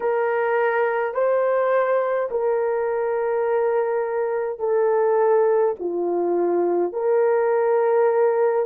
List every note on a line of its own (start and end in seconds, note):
0.00 1.13 A#4
1.13 2.29 C5
2.31 4.59 A#4
4.59 5.74 A4
5.79 6.92 F4
6.92 8.65 A#4